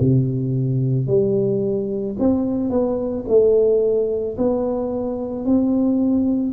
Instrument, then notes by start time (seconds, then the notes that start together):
tuba
0.00 C3
1.07 G3
2.19 C4
2.70 B3
3.28 A3
4.38 B3
5.45 C4